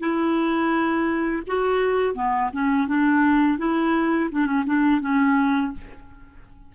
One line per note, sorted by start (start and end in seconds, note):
0.00 1.43 E4
1.47 2.15 F#4
2.15 2.51 B3
2.54 2.88 C#4
2.88 3.59 D4
3.59 4.30 E4
4.31 4.46 D4
4.46 4.64 C#4
4.67 5.01 D4
5.01 5.73 C#4